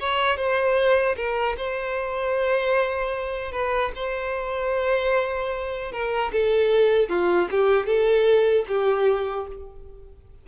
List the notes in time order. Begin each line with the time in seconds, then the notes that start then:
0.00 C#5
0.37 C5
1.17 A#4
1.58 C5
3.52 B4
3.95 C5
5.92 A#4
6.33 A4
7.09 F4
7.51 G4
7.87 A4
8.68 G4